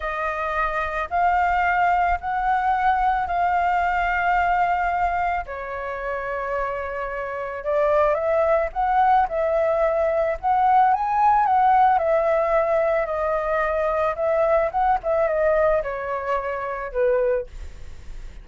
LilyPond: \new Staff \with { instrumentName = "flute" } { \time 4/4 \tempo 4 = 110 dis''2 f''2 | fis''2 f''2~ | f''2 cis''2~ | cis''2 d''4 e''4 |
fis''4 e''2 fis''4 | gis''4 fis''4 e''2 | dis''2 e''4 fis''8 e''8 | dis''4 cis''2 b'4 | }